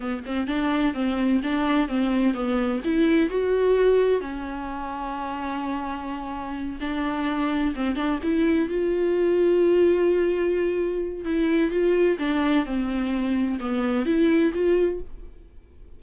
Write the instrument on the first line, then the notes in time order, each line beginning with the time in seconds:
viola
0.00 B3
0.25 C4
0.47 D4
0.94 C4
1.43 D4
1.88 C4
2.34 B3
2.84 E4
3.29 F#4
4.21 C#4
6.80 D4
7.75 C4
7.95 D4
8.22 E4
8.68 F4
11.25 E4
11.71 F4
12.18 D4
12.65 C4
13.60 B3
14.05 E4
14.53 F4